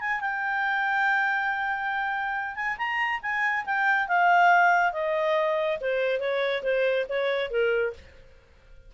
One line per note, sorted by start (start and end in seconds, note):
0.00 0.20 G#5
0.20 2.55 G5
2.55 2.77 G#5
2.78 3.20 A#5
3.22 3.65 G#5
3.65 4.08 G5
4.08 4.93 F5
4.93 5.78 D#5
5.80 6.20 C5
6.20 6.63 C#5
6.63 7.06 C5
7.09 7.51 C#5
7.51 7.93 A#4